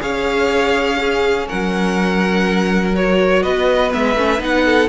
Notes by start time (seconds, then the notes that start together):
0.00 C#4 G#4 C#5 F5
0.98 C#4 G#4
1.47 F#3 A#4 F#5
2.94 F#4 C#5
3.42 B3 B4 D#5
3.91 G#3 B3 E5
4.16 A3 C#4
4.39 B3 D#4 F#5
4.65 A4